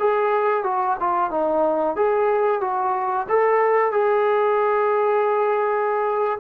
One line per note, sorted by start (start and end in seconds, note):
0.00 0.64 G#4
0.64 0.97 F#4
1.00 1.31 F4
1.31 1.96 D#4
1.96 2.61 G#4
2.61 3.27 F#4
3.29 3.92 A4
3.92 6.39 G#4